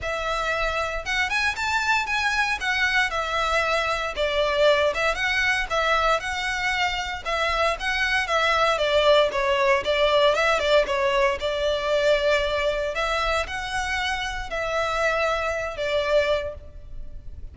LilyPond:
\new Staff \with { instrumentName = "violin" } { \time 4/4 \tempo 4 = 116 e''2 fis''8 gis''8 a''4 | gis''4 fis''4 e''2 | d''4. e''8 fis''4 e''4 | fis''2 e''4 fis''4 |
e''4 d''4 cis''4 d''4 | e''8 d''8 cis''4 d''2~ | d''4 e''4 fis''2 | e''2~ e''8 d''4. | }